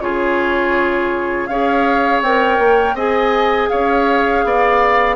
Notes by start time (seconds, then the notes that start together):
0.00 C#3 F4 G#4 C#5
1.46 C#4 G#4 C#5 F5
2.21 C4 A#4 G5
2.59 A#3
2.94 C4 G#4 D#5 G#5
3.69 C#4 C#5 F5
4.44 B3 D5